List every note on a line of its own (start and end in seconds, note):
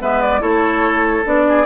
0.00 0.43 G#3
0.00 0.41 B3
0.00 0.41 B4
0.00 0.22 E5
0.22 0.42 D5
0.41 1.26 A3
0.41 1.24 E4
0.41 1.46 A4
0.41 1.26 C#5
1.25 1.66 B3
1.25 1.66 D4
1.25 1.66 D5
1.49 1.66 G#4